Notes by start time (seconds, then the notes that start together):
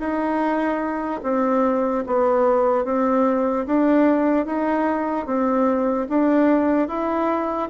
0.00 D#4
1.24 C4
2.07 B3
2.85 C4
3.67 D4
4.46 D#4
5.27 C4
6.09 D4
6.88 E4